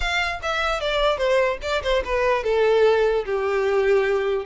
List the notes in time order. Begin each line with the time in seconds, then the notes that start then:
0.00 F5
0.42 E5
0.80 D5
1.17 C5
1.62 D5
1.82 C5
2.04 B4
2.43 A4
3.25 G4